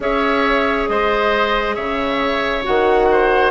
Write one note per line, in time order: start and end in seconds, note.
0.00 0.87 C#4
0.00 2.63 G#4
0.00 0.90 C#5
0.00 0.87 E5
0.87 1.76 G#3
0.87 1.75 C5
0.87 1.74 D#5
1.74 2.65 C#3
1.74 3.08 C#5
1.74 2.63 E5
2.63 3.51 D#3
2.63 3.51 F#4
2.63 3.51 F#5
3.11 3.51 C5